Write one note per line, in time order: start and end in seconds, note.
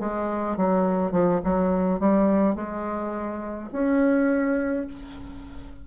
0.00 0.57 G#3
0.57 1.12 F#3
1.12 1.41 F3
1.44 2.00 F#3
2.00 2.55 G3
2.55 3.70 G#3
3.72 4.87 C#4